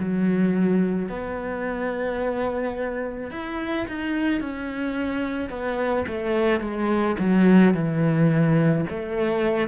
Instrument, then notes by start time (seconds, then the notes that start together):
cello
0.00 F#3
1.09 B3
3.31 E4
3.88 D#4
4.41 C#4
5.50 B3
6.08 A3
6.61 G#3
7.19 F#3
7.75 E3
8.90 A3